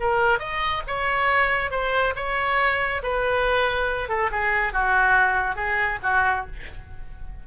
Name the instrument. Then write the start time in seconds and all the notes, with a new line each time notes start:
oboe
0.00 A#4
0.39 D#5
0.87 C#5
1.71 C5
2.16 C#5
3.03 B4
4.09 A4
4.31 G#4
4.73 F#4
5.56 G#4
6.03 F#4